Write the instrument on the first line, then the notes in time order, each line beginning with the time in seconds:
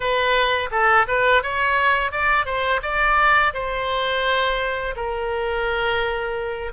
oboe
0.00 B4
0.71 A4
1.07 B4
1.42 C#5
2.11 D5
2.45 C5
2.82 D5
3.53 C5
4.95 A#4